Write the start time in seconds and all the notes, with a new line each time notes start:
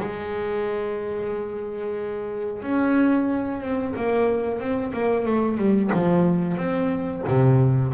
0.00 G#3
2.63 C#4
3.61 C4
3.97 A#3
4.59 C4
4.93 A#3
5.25 A3
5.58 G3
5.93 F3
6.57 C4
7.28 C3